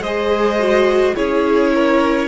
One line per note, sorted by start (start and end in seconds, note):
0.00 1.13 G#3
0.00 0.60 G#4
0.00 1.15 C5
0.00 1.15 D#5
0.60 1.15 F#4
1.15 2.28 C#4
1.15 2.28 E4
1.15 1.73 G#4
1.15 2.28 C#5
1.75 2.28 A#4